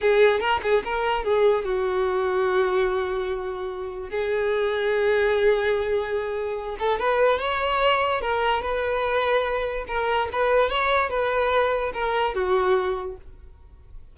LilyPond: \new Staff \with { instrumentName = "violin" } { \time 4/4 \tempo 4 = 146 gis'4 ais'8 gis'8 ais'4 gis'4 | fis'1~ | fis'2 gis'2~ | gis'1~ |
gis'8 a'8 b'4 cis''2 | ais'4 b'2. | ais'4 b'4 cis''4 b'4~ | b'4 ais'4 fis'2 | }